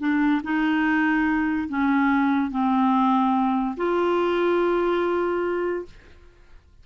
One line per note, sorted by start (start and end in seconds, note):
0.00 0.42 D4
0.44 1.69 D#4
1.69 2.51 C#4
2.51 3.76 C4
3.77 5.85 F4